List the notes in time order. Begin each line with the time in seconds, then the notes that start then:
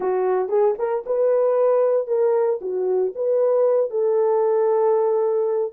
0.00 F#4
0.48 G#4
0.78 A#4
1.06 B4
2.07 A#4
2.61 F#4
3.15 B4
3.90 A4